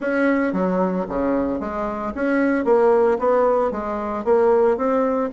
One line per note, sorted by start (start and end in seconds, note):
0.00 0.52 C#4
0.52 1.05 F#3
1.08 1.59 C#3
1.59 2.12 G#3
2.14 2.64 C#4
2.64 3.17 A#3
3.18 3.71 B3
3.71 4.24 G#3
4.24 4.77 A#3
4.77 5.30 C4